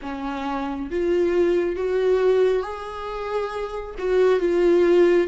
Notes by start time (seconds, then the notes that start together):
0.02 C#4
0.90 F4
1.76 F#4
2.62 G#4
3.98 F#4
4.39 F4